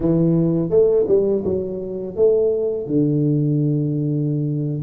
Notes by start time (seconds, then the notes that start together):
0.00 E3
0.70 A3
1.07 G3
1.44 F#3
2.16 A3
2.86 D3